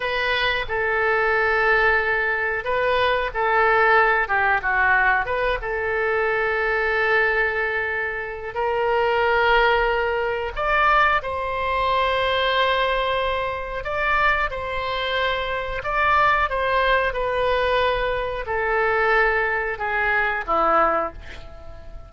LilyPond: \new Staff \with { instrumentName = "oboe" } { \time 4/4 \tempo 4 = 91 b'4 a'2. | b'4 a'4. g'8 fis'4 | b'8 a'2.~ a'8~ | a'4 ais'2. |
d''4 c''2.~ | c''4 d''4 c''2 | d''4 c''4 b'2 | a'2 gis'4 e'4 | }